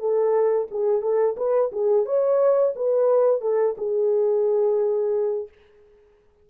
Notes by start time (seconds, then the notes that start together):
0.00 A4
0.71 G#4
1.02 A4
1.37 B4
1.72 G#4
2.06 C#5
2.76 B4
3.42 A4
3.78 G#4